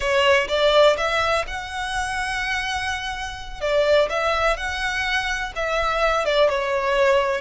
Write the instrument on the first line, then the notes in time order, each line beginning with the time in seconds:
violin
0.00 C#5
0.48 D5
0.97 E5
1.47 F#5
3.60 D5
4.09 E5
4.56 F#5
5.55 E5
6.25 D5
6.49 C#5